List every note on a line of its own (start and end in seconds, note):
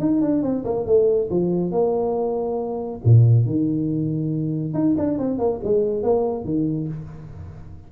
0.00 0.21 D#4
0.21 0.43 D4
0.43 0.64 C4
0.64 0.86 A#3
0.86 1.29 A3
1.30 1.71 F3
1.71 3.01 A#3
3.05 3.46 A#2
3.46 4.74 D#3
4.74 4.95 D#4
4.98 5.18 D4
5.18 5.38 C4
5.38 5.60 A#3
5.64 6.03 G#3
6.03 6.45 A#3
6.45 6.88 D#3